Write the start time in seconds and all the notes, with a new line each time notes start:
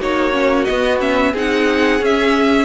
0.00 A#3 D#4 F#4 C#5
0.32 C#4
0.65 B3 D#5
0.99 C#4 E5
1.32 C4 D#4 G#4 F#5
2.00 C#4 E5